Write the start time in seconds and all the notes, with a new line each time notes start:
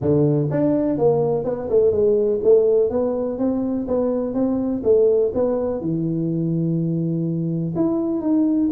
0.01 D3
0.50 D4
0.98 A#3
1.44 B3
1.69 A3
1.91 G#3
2.43 A3
2.89 B3
3.38 C4
3.87 B3
4.34 C4
4.83 A3
5.34 B3
5.80 E3
7.75 E4
8.21 D#4